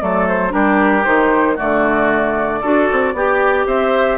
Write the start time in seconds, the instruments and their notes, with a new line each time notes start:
0.00 bassoon F#3, clarinet A3, oboe A4, flute D5
0.28 flute C5
0.49 bassoon G3, clarinet D4, oboe G4, flute A#4
1.03 bassoon D#3, clarinet D#4, flute C5
1.55 bassoon D3, clarinet A3, oboe F#4, flute D5
2.60 bassoon D4, clarinet F#4, oboe A4
2.91 bassoon C4
3.13 bassoon B3, clarinet G4, oboe G4
3.66 bassoon C4, oboe C5, flute E5